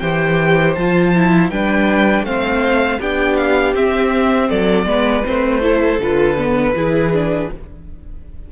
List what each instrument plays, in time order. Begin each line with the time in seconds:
0.00 cello E3, viola G4, violin C5 G5
0.75 cello F3, viola F4, violin A5
1.16 viola E4
1.51 cello G3, viola D4, violin B4 G5
2.23 cello A3, viola C4, violin C5 F5
3.00 cello B3, viola D4, violin G4 G5
3.37 violin F5
3.74 cello C4, viola C4, violin E5
4.49 cello F#3, violin A4 D5
4.86 cello G#3, viola B3, violin B4
5.25 cello A3, viola C4, violin C5
5.62 viola E4, violin A4
6.00 cello D3, viola F4, violin B4
6.38 viola B3
6.74 cello E3, viola E4, violin G#4
7.14 viola D4